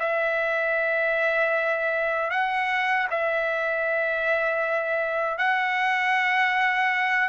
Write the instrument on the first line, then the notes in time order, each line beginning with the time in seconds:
trumpet
0.00 E5
2.31 F#5
3.11 E5
5.38 F#5